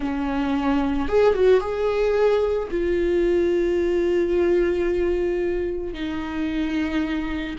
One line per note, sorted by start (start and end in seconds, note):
0.00 1.08 C#4
1.08 1.34 G#4
1.34 1.60 F#4
1.60 2.68 G#4
2.70 5.93 F4
5.93 7.56 D#4